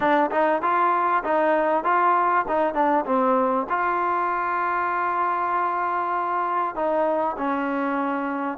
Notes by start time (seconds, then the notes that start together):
0.00 D4
0.31 D#4
0.62 F4
1.24 D#4
1.84 F4
2.48 D#4
2.74 D4
3.05 C4
3.69 F4
6.75 D#4
7.37 C#4